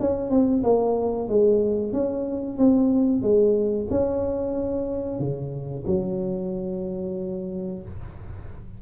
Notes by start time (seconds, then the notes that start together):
0.00 C#4
0.31 C4
0.63 A#3
1.29 G#3
1.93 C#4
2.58 C4
3.23 G#3
3.90 C#4
5.20 C#3
5.87 F#3